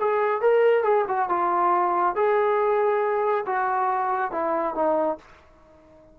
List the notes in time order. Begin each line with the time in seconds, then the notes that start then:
0.00 G#4
0.42 A#4
0.83 G#4
1.08 F#4
1.29 F4
2.16 G#4
3.46 F#4
4.31 E4
4.75 D#4